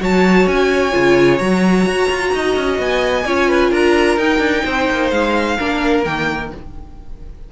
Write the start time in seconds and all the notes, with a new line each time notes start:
0.00 F#3 F#4 C#5 A5
0.47 C#4 G#5
0.91 C#3 F4
1.38 F#3 F#4 A#5
1.86 F#4
2.10 F4
2.33 D#4 D#5
2.56 C#4
2.78 B3 G#5
3.25 C#4 F4 C#5
3.48 B4
3.70 D4 A#4 A#5
4.17 D#4 G5
4.39 D4
4.64 C4 C5
4.90 A#3
5.10 G#3 F5
5.58 A#3 D4 A#4
6.04 D#3 A#3 G5